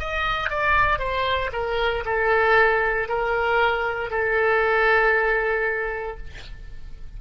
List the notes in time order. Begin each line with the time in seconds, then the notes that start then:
0.00 D#5
0.50 D5
0.99 C5
1.53 A#4
2.05 A4
3.09 A#4
4.11 A4